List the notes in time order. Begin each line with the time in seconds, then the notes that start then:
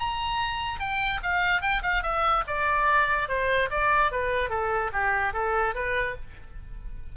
0.00 A#5
0.80 G5
1.23 F5
1.62 G5
1.83 F5
2.03 E5
2.48 D5
3.29 C5
3.71 D5
4.12 B4
4.50 A4
4.93 G4
5.33 A4
5.75 B4